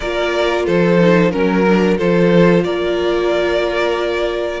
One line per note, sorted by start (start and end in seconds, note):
0.00 0.67 A#3
0.00 0.99 F4
0.00 0.65 A#4
0.00 0.65 D5
0.65 1.33 F3
0.65 1.31 A4
0.65 1.31 C5
0.99 1.31 D#4
1.31 1.98 F#3
1.31 1.64 C#4
1.31 1.97 A#4
1.68 1.99 D4
1.97 2.64 F3
1.97 4.60 F4
1.97 2.63 A4
1.97 2.64 C5
2.64 4.60 A#3
2.64 4.60 A#4
2.64 4.60 D5